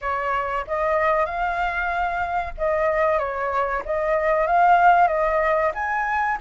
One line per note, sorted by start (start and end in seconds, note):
0.01 0.65 C#5
0.67 1.25 D#5
1.25 2.53 F5
2.57 3.18 D#5
3.18 3.82 C#5
3.85 4.47 D#5
4.47 5.07 F5
5.07 5.71 D#5
5.74 6.38 G#5